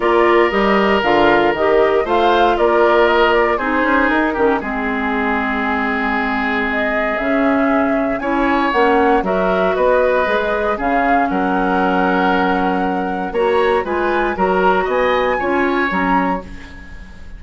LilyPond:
<<
  \new Staff \with { instrumentName = "flute" } { \time 4/4 \tempo 4 = 117 d''4 dis''4 f''4 dis''4 | f''4 d''4 dis''8 d''8 c''4 | ais'4 gis'2.~ | gis'4 dis''4 e''2 |
gis''4 fis''4 e''4 dis''4~ | dis''4 f''4 fis''2~ | fis''2 ais''4 gis''4 | ais''4 gis''2 ais''4 | }
  \new Staff \with { instrumentName = "oboe" } { \time 4/4 ais'1 | c''4 ais'2 gis'4~ | gis'8 g'8 gis'2.~ | gis'1 |
cis''2 ais'4 b'4~ | b'4 gis'4 ais'2~ | ais'2 cis''4 b'4 | ais'4 dis''4 cis''2 | }
  \new Staff \with { instrumentName = "clarinet" } { \time 4/4 f'4 g'4 f'4 g'4 | f'2. dis'4~ | dis'8 cis'8 c'2.~ | c'2 cis'2 |
e'4 cis'4 fis'2 | gis'4 cis'2.~ | cis'2 fis'4 f'4 | fis'2 f'4 cis'4 | }
  \new Staff \with { instrumentName = "bassoon" } { \time 4/4 ais4 g4 d4 dis4 | a4 ais2 c'8 cis'8 | dis'8 dis8 gis2.~ | gis2 cis2 |
cis'4 ais4 fis4 b4 | gis4 cis4 fis2~ | fis2 ais4 gis4 | fis4 b4 cis'4 fis4 | }
>>